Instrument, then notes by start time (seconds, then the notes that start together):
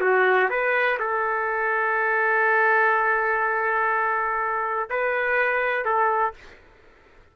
trumpet
0.00 F#4
0.49 B4
0.99 A4
4.89 B4
5.85 A4